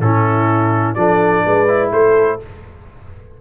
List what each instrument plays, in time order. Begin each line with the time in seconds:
0.00 tuba A2, trombone C#4, horn E4, trumpet A4
0.95 tuba F3, trombone D4, horn A4, trumpet D5
1.45 tuba G#3, horn B4
1.68 trombone E4
1.93 tuba A3, horn A4, trumpet C5